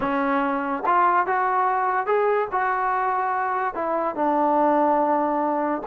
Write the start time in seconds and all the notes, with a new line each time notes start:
0.00 C#4
0.86 F4
1.26 F#4
2.06 G#4
2.51 F#4
3.74 E4
4.15 D4